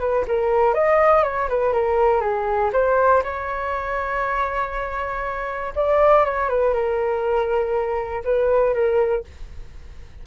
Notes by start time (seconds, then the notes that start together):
0.00 B4
0.28 A#4
0.74 D#5
1.24 C#5
1.49 B4
1.73 A#4
2.21 G#4
2.73 C5
3.24 C#5
5.76 D5
6.25 C#5
6.50 B4
6.74 A#4
8.25 B4
8.75 A#4